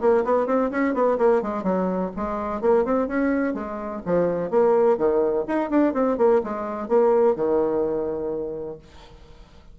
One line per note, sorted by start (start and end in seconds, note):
0.00 0.24 A#3
0.24 0.46 B3
0.46 0.70 C4
0.70 0.94 C#4
0.94 1.17 B3
1.18 1.42 A#3
1.42 1.63 G#3
1.63 2.10 F#3
2.16 2.61 G#3
2.61 2.84 A#3
2.84 3.07 C4
3.07 3.54 C#4
3.54 4.01 G#3
4.05 4.50 F3
4.50 4.97 A#3
4.97 5.45 D#3
5.47 5.70 D#4
5.70 5.94 D4
5.94 6.17 C4
6.17 6.41 A#3
6.44 6.88 G#3
6.88 7.35 A#3
7.35 8.78 D#3